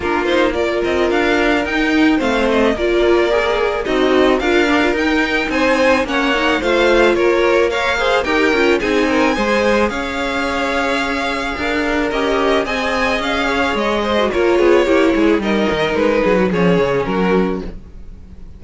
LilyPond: <<
  \new Staff \with { instrumentName = "violin" } { \time 4/4 \tempo 4 = 109 ais'8 c''8 d''8 dis''8 f''4 g''4 | f''8 dis''8 d''2 dis''4 | f''4 g''4 gis''4 fis''4 | f''4 cis''4 f''4 g''4 |
gis''2 f''2~ | f''2 dis''4 gis''4 | f''4 dis''4 cis''2 | dis''4 b'4 cis''4 ais'4 | }
  \new Staff \with { instrumentName = "violin" } { \time 4/4 f'4 ais'2. | c''4 ais'2 dis'4 | ais'2 c''4 cis''4 | c''4 ais'4 cis''8 c''8 ais'4 |
gis'8 ais'8 c''4 cis''2~ | cis''4 ais'2 dis''4~ | dis''8 cis''4 c''8 ais'8 gis'8 g'8 gis'8 | ais'4. gis'16 fis'16 gis'4 fis'4 | }
  \new Staff \with { instrumentName = "viola" } { \time 4/4 d'8 dis'8 f'2 dis'4 | c'4 f'4 gis'4 fis'4 | f'8 d'16 f'16 dis'2 cis'8 dis'8 | f'2 ais'8 gis'8 g'8 f'8 |
dis'4 gis'2.~ | gis'2 g'4 gis'4~ | gis'4.~ gis'16 fis'16 f'4 e'4 | dis'2 cis'2 | }
  \new Staff \with { instrumentName = "cello" } { \time 4/4 ais4. c'8 d'4 dis'4 | a4 ais2 c'4 | d'4 dis'4 c'4 ais4 | a4 ais2 dis'8 cis'8 |
c'4 gis4 cis'2~ | cis'4 d'4 cis'4 c'4 | cis'4 gis4 ais8 b8 ais8 gis8 | g8 dis8 gis8 fis8 f8 cis8 fis4 | }
>>